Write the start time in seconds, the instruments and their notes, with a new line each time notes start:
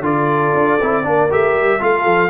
0.00 tuba D3, trombone F4, horn A4, trumpet D5
0.53 tuba D4
0.81 tuba C4, trombone E4
1.03 tuba A#3, trombone D4, horn A#4
1.30 tuba A3, trombone G4, trumpet E5
1.53 tuba G3
1.79 tuba A3, trombone F4, horn A4, trumpet F5
2.05 tuba F3